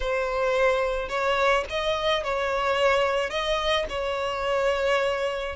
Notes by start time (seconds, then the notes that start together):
0.00 C5
1.08 C#5
1.69 D#5
2.23 C#5
3.30 D#5
3.89 C#5